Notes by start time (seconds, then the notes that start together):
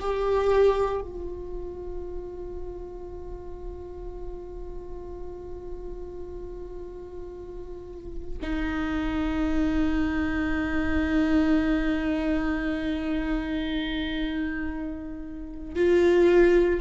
0.00 G4
1.01 F4
8.42 D#4
15.75 F4